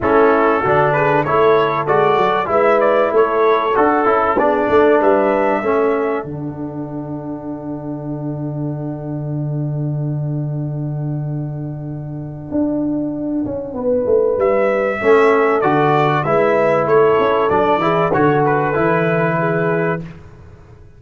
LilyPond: <<
  \new Staff \with { instrumentName = "trumpet" } { \time 4/4 \tempo 4 = 96 a'4. b'8 cis''4 d''4 | e''8 d''8 cis''4 a'4 d''4 | e''2 fis''2~ | fis''1~ |
fis''1~ | fis''2. e''4~ | e''4 d''4 e''4 cis''4 | d''4 cis''8 b'2~ b'8 | }
  \new Staff \with { instrumentName = "horn" } { \time 4/4 e'4 fis'8 gis'8 a'2 | b'4 a'2 gis'8 a'8 | b'4 a'2.~ | a'1~ |
a'1~ | a'2 b'2 | a'2 b'4 a'4~ | a'8 gis'8 a'2 gis'4 | }
  \new Staff \with { instrumentName = "trombone" } { \time 4/4 cis'4 d'4 e'4 fis'4 | e'2 fis'8 e'8 d'4~ | d'4 cis'4 d'2~ | d'1~ |
d'1~ | d'1 | cis'4 fis'4 e'2 | d'8 e'8 fis'4 e'2 | }
  \new Staff \with { instrumentName = "tuba" } { \time 4/4 a4 d4 a4 gis8 fis8 | gis4 a4 d'8 cis'8 b8 a8 | g4 a4 d2~ | d1~ |
d1 | d'4. cis'8 b8 a8 g4 | a4 d4 gis4 a8 cis'8 | fis8 e8 d4 e2 | }
>>